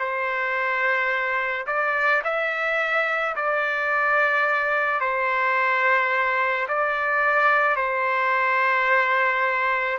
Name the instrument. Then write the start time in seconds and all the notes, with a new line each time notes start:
trumpet
0.00 C5
1.67 D5
2.25 E5
3.36 D5
5.01 C5
6.69 D5
7.76 C5